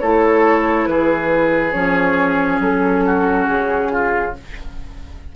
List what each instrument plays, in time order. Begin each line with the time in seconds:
0.00 bassoon A3, clarinet E4, oboe A4, flute C#5
0.87 bassoon E3, oboe G#4, flute B4
1.72 bassoon F3, clarinet C#4, flute C#5
2.60 bassoon F#3, flute A4
3.06 oboe F#4
3.46 bassoon C#3, flute G#4
3.92 oboe F4